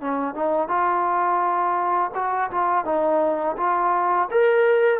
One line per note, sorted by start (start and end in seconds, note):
0.00 0.34 C#4
0.34 0.68 D#4
0.68 2.11 F4
2.14 2.50 F#4
2.51 2.85 F4
2.85 3.56 D#4
3.57 4.28 F4
4.31 5.00 A#4